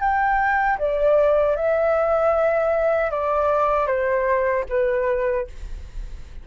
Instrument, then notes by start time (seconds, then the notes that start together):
flute
0.00 G5
0.78 D5
1.56 E5
3.11 D5
3.86 C5
4.69 B4